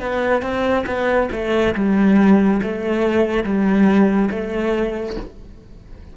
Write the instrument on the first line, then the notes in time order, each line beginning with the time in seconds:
cello
0.00 B3
0.42 C4
0.86 B3
1.32 A3
1.75 G3
2.62 A3
3.44 G3
4.31 A3